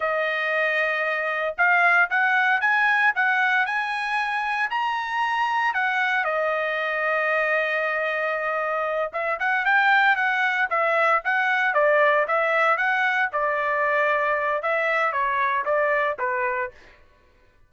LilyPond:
\new Staff \with { instrumentName = "trumpet" } { \time 4/4 \tempo 4 = 115 dis''2. f''4 | fis''4 gis''4 fis''4 gis''4~ | gis''4 ais''2 fis''4 | dis''1~ |
dis''4. e''8 fis''8 g''4 fis''8~ | fis''8 e''4 fis''4 d''4 e''8~ | e''8 fis''4 d''2~ d''8 | e''4 cis''4 d''4 b'4 | }